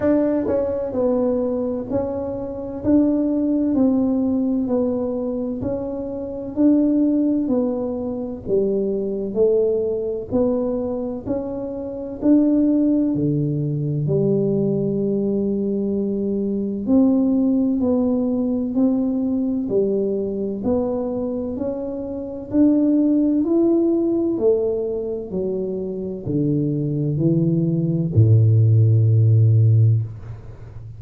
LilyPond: \new Staff \with { instrumentName = "tuba" } { \time 4/4 \tempo 4 = 64 d'8 cis'8 b4 cis'4 d'4 | c'4 b4 cis'4 d'4 | b4 g4 a4 b4 | cis'4 d'4 d4 g4~ |
g2 c'4 b4 | c'4 g4 b4 cis'4 | d'4 e'4 a4 fis4 | d4 e4 a,2 | }